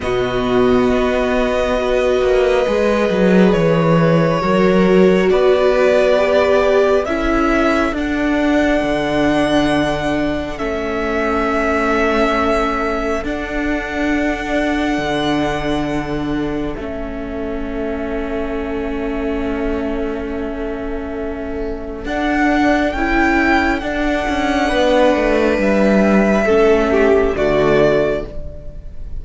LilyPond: <<
  \new Staff \with { instrumentName = "violin" } { \time 4/4 \tempo 4 = 68 dis''1 | cis''2 d''2 | e''4 fis''2. | e''2. fis''4~ |
fis''2. e''4~ | e''1~ | e''4 fis''4 g''4 fis''4~ | fis''4 e''2 d''4 | }
  \new Staff \with { instrumentName = "violin" } { \time 4/4 fis'2 b'2~ | b'4 ais'4 b'2 | a'1~ | a'1~ |
a'1~ | a'1~ | a'1 | b'2 a'8 g'8 fis'4 | }
  \new Staff \with { instrumentName = "viola" } { \time 4/4 b2 fis'4 gis'4~ | gis'4 fis'2 g'4 | e'4 d'2. | cis'2. d'4~ |
d'2. cis'4~ | cis'1~ | cis'4 d'4 e'4 d'4~ | d'2 cis'4 a4 | }
  \new Staff \with { instrumentName = "cello" } { \time 4/4 b,4 b4. ais8 gis8 fis8 | e4 fis4 b2 | cis'4 d'4 d2 | a2. d'4~ |
d'4 d2 a4~ | a1~ | a4 d'4 cis'4 d'8 cis'8 | b8 a8 g4 a4 d4 | }
>>